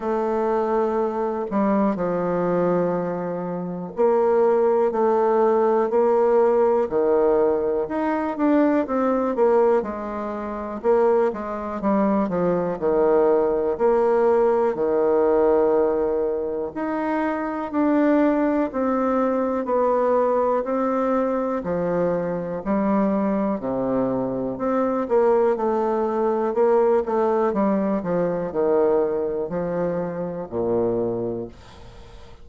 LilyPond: \new Staff \with { instrumentName = "bassoon" } { \time 4/4 \tempo 4 = 61 a4. g8 f2 | ais4 a4 ais4 dis4 | dis'8 d'8 c'8 ais8 gis4 ais8 gis8 | g8 f8 dis4 ais4 dis4~ |
dis4 dis'4 d'4 c'4 | b4 c'4 f4 g4 | c4 c'8 ais8 a4 ais8 a8 | g8 f8 dis4 f4 ais,4 | }